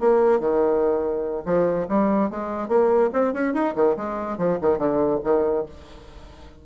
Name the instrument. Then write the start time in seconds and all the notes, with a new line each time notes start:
bassoon
0.00 A#3
0.40 D#3
1.46 F3
1.89 G3
2.30 G#3
2.69 A#3
3.13 C4
3.34 C#4
3.54 D#4
3.76 D#3
3.97 G#3
4.38 F3
4.62 D#3
4.78 D3
5.24 D#3